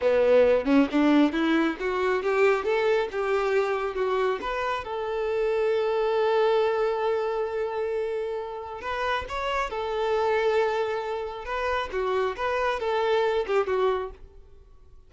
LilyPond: \new Staff \with { instrumentName = "violin" } { \time 4/4 \tempo 4 = 136 b4. cis'8 d'4 e'4 | fis'4 g'4 a'4 g'4~ | g'4 fis'4 b'4 a'4~ | a'1~ |
a'1 | b'4 cis''4 a'2~ | a'2 b'4 fis'4 | b'4 a'4. g'8 fis'4 | }